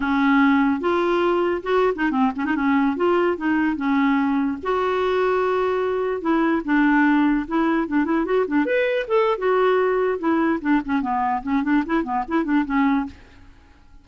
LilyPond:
\new Staff \with { instrumentName = "clarinet" } { \time 4/4 \tempo 4 = 147 cis'2 f'2 | fis'8. dis'8 c'8 cis'16 dis'16 cis'4 f'8.~ | f'16 dis'4 cis'2 fis'8.~ | fis'2.~ fis'16 e'8.~ |
e'16 d'2 e'4 d'8 e'16~ | e'16 fis'8 d'8 b'4 a'8. fis'4~ | fis'4 e'4 d'8 cis'8 b4 | cis'8 d'8 e'8 b8 e'8 d'8 cis'4 | }